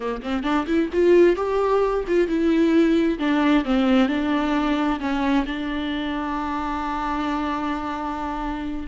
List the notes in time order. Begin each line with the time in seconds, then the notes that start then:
0.00 A#3
0.22 C4
0.43 D4
0.67 E4
0.93 F4
1.36 G4
2.07 F4
2.27 E4
3.18 D4
3.64 C4
4.08 D4
4.99 C#4
5.46 D4